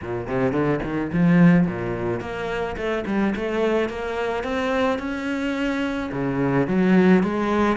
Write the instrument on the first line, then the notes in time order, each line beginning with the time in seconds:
cello
0.01 A#2
0.27 C3
0.52 D3
0.83 D#3
1.12 F3
1.67 A#2
2.20 A#3
2.76 A3
3.06 G3
3.35 A3
3.89 A#3
4.43 C4
4.98 C#4
6.12 C#3
6.67 F#3
7.23 G#3